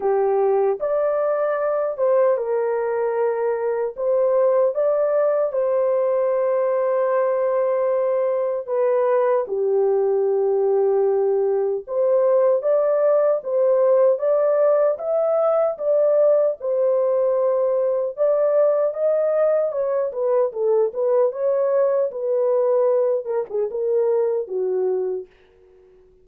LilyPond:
\new Staff \with { instrumentName = "horn" } { \time 4/4 \tempo 4 = 76 g'4 d''4. c''8 ais'4~ | ais'4 c''4 d''4 c''4~ | c''2. b'4 | g'2. c''4 |
d''4 c''4 d''4 e''4 | d''4 c''2 d''4 | dis''4 cis''8 b'8 a'8 b'8 cis''4 | b'4. ais'16 gis'16 ais'4 fis'4 | }